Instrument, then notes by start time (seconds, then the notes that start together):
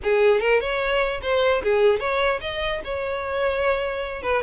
violin
0.03 G#4
0.40 A#4
0.60 C#5
1.22 C5
1.63 G#4
1.99 C#5
2.41 D#5
2.84 C#5
4.22 B4